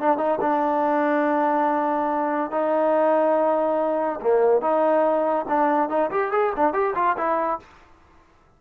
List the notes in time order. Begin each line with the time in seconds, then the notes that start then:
0.00 D4
0.17 D#4
0.41 D4
2.51 D#4
4.21 A#3
4.61 D#4
5.48 D4
5.89 D#4
6.11 G4
6.31 G#4
6.56 D4
6.73 G4
6.95 F4
7.17 E4